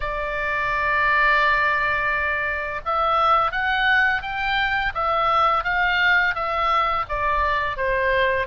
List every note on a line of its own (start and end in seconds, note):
0.00 2.80 D5
2.85 3.51 E5
3.51 4.22 F#5
4.22 4.92 G5
4.94 5.64 E5
5.64 6.34 F5
6.34 7.05 E5
7.08 7.76 D5
7.76 8.46 C5